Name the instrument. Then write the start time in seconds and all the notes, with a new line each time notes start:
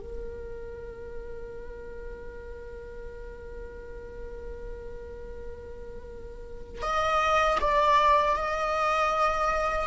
viola
0.00 A#4
6.83 D#5
7.61 D5
8.37 D#5